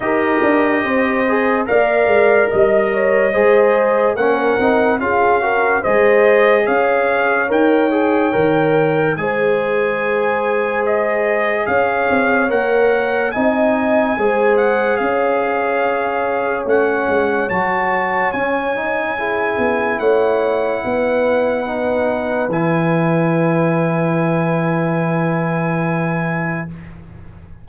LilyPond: <<
  \new Staff \with { instrumentName = "trumpet" } { \time 4/4 \tempo 4 = 72 dis''2 f''4 dis''4~ | dis''4 fis''4 f''4 dis''4 | f''4 g''2 gis''4~ | gis''4 dis''4 f''4 fis''4 |
gis''4. fis''8 f''2 | fis''4 a''4 gis''2 | fis''2. gis''4~ | gis''1 | }
  \new Staff \with { instrumentName = "horn" } { \time 4/4 ais'4 c''4 d''4 dis''8 cis''8 | c''4 ais'4 gis'8 ais'8 c''4 | cis''2. c''4~ | c''2 cis''2 |
dis''4 c''4 cis''2~ | cis''2. gis'4 | cis''4 b'2.~ | b'1 | }
  \new Staff \with { instrumentName = "trombone" } { \time 4/4 g'4. gis'8 ais'2 | gis'4 cis'8 dis'8 f'8 fis'8 gis'4~ | gis'4 ais'8 gis'8 ais'4 gis'4~ | gis'2. ais'4 |
dis'4 gis'2. | cis'4 fis'4 cis'8 dis'8 e'4~ | e'2 dis'4 e'4~ | e'1 | }
  \new Staff \with { instrumentName = "tuba" } { \time 4/4 dis'8 d'8 c'4 ais8 gis8 g4 | gis4 ais8 c'8 cis'4 gis4 | cis'4 dis'4 dis4 gis4~ | gis2 cis'8 c'8 ais4 |
c'4 gis4 cis'2 | a8 gis8 fis4 cis'4. b8 | a4 b2 e4~ | e1 | }
>>